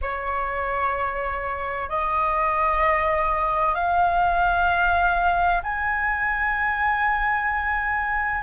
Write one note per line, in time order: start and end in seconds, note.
0.01 1.89 C#5
1.89 3.74 D#5
3.74 5.62 F5
5.62 8.43 G#5